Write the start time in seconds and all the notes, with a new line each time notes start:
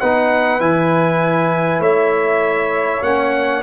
0.00 B3 D#4 B4 F#5
0.60 E3 E4 G#5
1.80 A3 C#5 E5
3.02 A#3 C#4 F#5